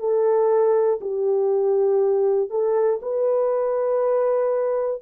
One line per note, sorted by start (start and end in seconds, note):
0.00 1.00 A4
1.00 2.50 G4
2.50 3.00 A4
3.02 5.02 B4